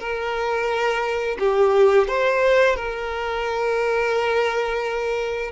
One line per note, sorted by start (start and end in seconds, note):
0.00 1.38 A#4
1.39 2.08 G4
2.08 2.76 C5
2.76 5.52 A#4